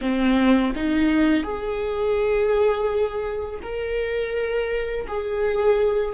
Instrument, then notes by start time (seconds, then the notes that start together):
viola
0.01 C4
0.75 D#4
1.43 G#4
3.62 A#4
5.07 G#4